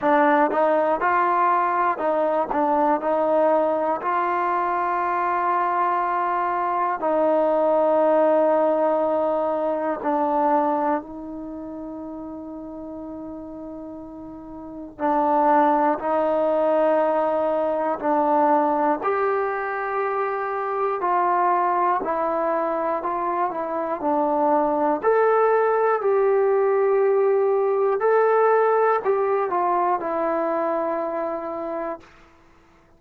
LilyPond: \new Staff \with { instrumentName = "trombone" } { \time 4/4 \tempo 4 = 60 d'8 dis'8 f'4 dis'8 d'8 dis'4 | f'2. dis'4~ | dis'2 d'4 dis'4~ | dis'2. d'4 |
dis'2 d'4 g'4~ | g'4 f'4 e'4 f'8 e'8 | d'4 a'4 g'2 | a'4 g'8 f'8 e'2 | }